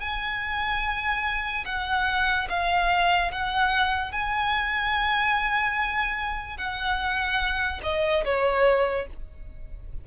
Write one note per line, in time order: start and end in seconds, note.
0.00 1.64 G#5
1.65 2.47 F#5
2.49 3.31 F5
3.31 4.11 F#5
4.11 6.57 G#5
6.57 7.80 F#5
7.83 8.24 D#5
8.25 9.07 C#5